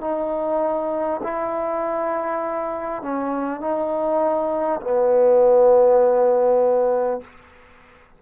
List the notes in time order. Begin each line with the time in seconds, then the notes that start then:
0.00 D#4
1.23 E4
3.02 C#4
3.61 D#4
4.81 B3